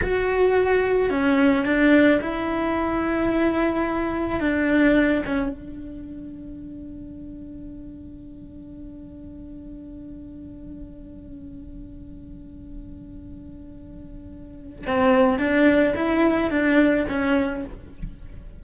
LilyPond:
\new Staff \with { instrumentName = "cello" } { \time 4/4 \tempo 4 = 109 fis'2 cis'4 d'4 | e'1 | d'4. cis'8 d'2~ | d'1~ |
d'1~ | d'1~ | d'2. c'4 | d'4 e'4 d'4 cis'4 | }